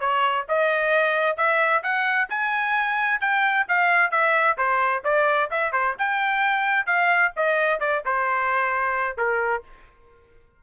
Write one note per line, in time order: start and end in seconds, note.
0.00 0.46 C#5
0.49 1.37 D#5
1.37 1.83 E5
1.83 2.29 F#5
2.29 3.21 G#5
3.21 3.66 G5
3.68 4.11 F5
4.11 4.57 E5
4.57 5.03 C5
5.04 5.50 D5
5.51 5.73 E5
5.73 5.95 C5
5.99 6.86 G5
6.86 7.32 F5
7.36 7.80 D#5
7.80 8.03 D5
8.05 9.17 C5
9.17 9.63 A#4